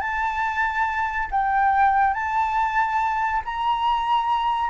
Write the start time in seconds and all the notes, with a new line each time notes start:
0.00 A5
1.31 G5
2.14 A5
3.45 A#5